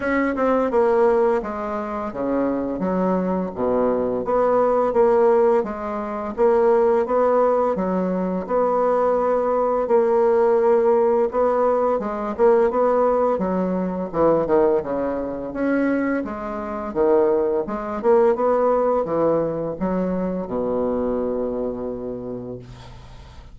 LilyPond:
\new Staff \with { instrumentName = "bassoon" } { \time 4/4 \tempo 4 = 85 cis'8 c'8 ais4 gis4 cis4 | fis4 b,4 b4 ais4 | gis4 ais4 b4 fis4 | b2 ais2 |
b4 gis8 ais8 b4 fis4 | e8 dis8 cis4 cis'4 gis4 | dis4 gis8 ais8 b4 e4 | fis4 b,2. | }